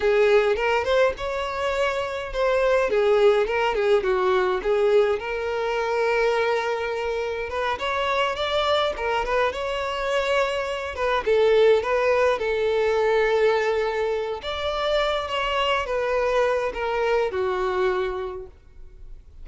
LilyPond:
\new Staff \with { instrumentName = "violin" } { \time 4/4 \tempo 4 = 104 gis'4 ais'8 c''8 cis''2 | c''4 gis'4 ais'8 gis'8 fis'4 | gis'4 ais'2.~ | ais'4 b'8 cis''4 d''4 ais'8 |
b'8 cis''2~ cis''8 b'8 a'8~ | a'8 b'4 a'2~ a'8~ | a'4 d''4. cis''4 b'8~ | b'4 ais'4 fis'2 | }